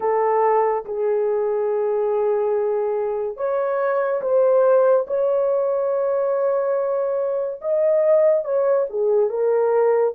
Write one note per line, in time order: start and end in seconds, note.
0.00 0.85 A4
0.85 3.36 G#4
3.36 4.21 C#5
4.21 5.06 C5
5.07 7.61 C#5
7.61 8.44 D#5
8.44 8.86 C#5
8.89 9.29 G#4
9.29 10.14 A#4